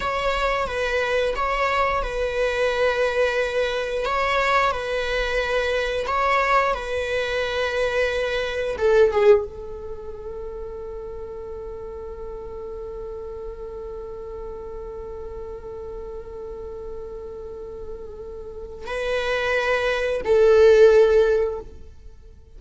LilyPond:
\new Staff \with { instrumentName = "viola" } { \time 4/4 \tempo 4 = 89 cis''4 b'4 cis''4 b'4~ | b'2 cis''4 b'4~ | b'4 cis''4 b'2~ | b'4 a'8 gis'8 a'2~ |
a'1~ | a'1~ | a'1 | b'2 a'2 | }